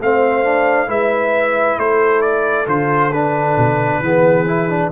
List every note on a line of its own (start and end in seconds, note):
0.00 0.88 A3
0.00 0.44 C4
0.00 0.88 C5
0.00 0.90 F5
0.44 0.87 D4
0.87 1.77 G#3
0.87 2.66 E4
0.87 1.78 B4
0.87 1.79 E5
1.77 2.66 A3
1.77 4.02 A4
1.77 2.21 C5
2.21 2.66 D5
2.66 3.56 D3
2.66 3.11 F4
2.66 3.12 C5
3.12 4.03 D4
3.12 4.91 B4
3.57 4.00 B2
4.00 4.89 E3
4.00 4.47 B3
4.00 4.91 G#4
4.47 4.69 E4
4.69 4.91 D4